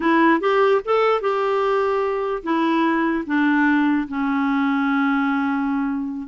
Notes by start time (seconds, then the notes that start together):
0.00 E4
0.40 G4
0.84 A4
1.21 G4
2.43 E4
3.26 D4
4.08 C#4